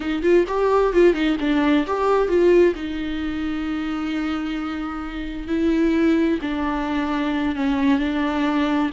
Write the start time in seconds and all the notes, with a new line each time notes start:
0.00 D#4
0.22 F4
0.47 G4
0.93 F4
1.13 D#4
1.40 D4
1.86 G4
2.28 F4
2.75 D#4
5.47 E4
6.41 D4
7.55 C#4
7.98 D4